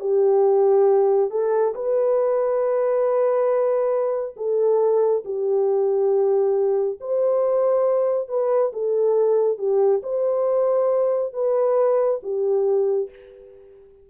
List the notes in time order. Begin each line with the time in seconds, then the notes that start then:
0.00 G4
1.30 A4
1.74 B4
4.36 A4
5.25 G4
7.00 C5
8.28 B4
8.72 A4
9.58 G4
10.02 C5
11.33 B4
12.23 G4